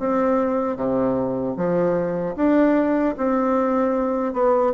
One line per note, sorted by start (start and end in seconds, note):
0.00 0.77 C4
0.77 1.56 C3
1.57 2.36 F3
2.37 3.16 D4
3.18 4.34 C4
4.34 4.73 B3